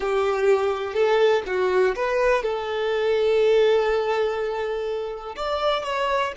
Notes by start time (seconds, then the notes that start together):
0.00 G4
0.94 A4
1.46 F#4
1.95 B4
2.43 A4
5.35 D5
5.84 C#5